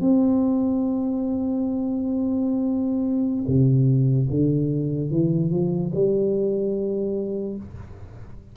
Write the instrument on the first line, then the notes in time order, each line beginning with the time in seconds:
tuba
0.00 C4
3.47 C3
4.30 D3
5.10 E3
5.51 F3
5.94 G3